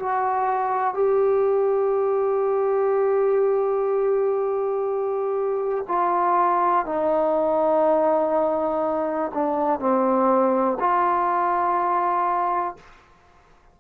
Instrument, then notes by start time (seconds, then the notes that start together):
trombone
0.00 F#4
0.94 G4
5.88 F4
6.86 D#4
9.35 D4
9.80 C4
10.80 F4